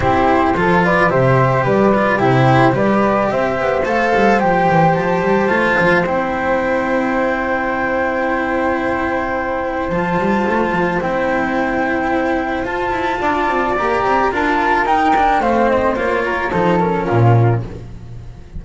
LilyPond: <<
  \new Staff \with { instrumentName = "flute" } { \time 4/4 \tempo 4 = 109 c''4. d''8 e''4 d''4 | c''4 d''4 e''4 f''4 | g''4 a''2 g''4~ | g''1~ |
g''2 a''2 | g''2. a''4~ | a''4 ais''4 a''4 g''4 | f''8 dis''8 cis''4 c''8 ais'4. | }
  \new Staff \with { instrumentName = "flute" } { \time 4/4 g'4 a'8 b'8 c''4 b'4 | g'4 b'4 c''2~ | c''1~ | c''1~ |
c''1~ | c''1 | d''2 ais'2 | c''4. ais'8 a'4 f'4 | }
  \new Staff \with { instrumentName = "cello" } { \time 4/4 e'4 f'4 g'4. f'8 | e'4 g'2 a'4 | g'2 f'4 e'4~ | e'1~ |
e'2 f'2 | e'2. f'4~ | f'4 g'4 f'4 dis'8 d'8 | c'4 f'4 dis'8 cis'4. | }
  \new Staff \with { instrumentName = "double bass" } { \time 4/4 c'4 f4 c4 g4 | c4 g4 c'8 b8 a8 g8 | f8 e8 f8 g8 a8 f8 c'4~ | c'1~ |
c'2 f8 g8 a8 f8 | c'2. f'8 e'8 | d'8 c'8 ais8 c'8 d'4 dis'4 | a4 ais4 f4 ais,4 | }
>>